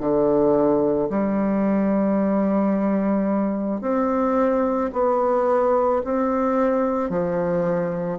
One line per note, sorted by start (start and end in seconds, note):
0.00 1.09 D3
1.10 3.81 G3
3.81 4.90 C4
4.92 6.01 B3
6.04 7.09 C4
7.09 8.18 F3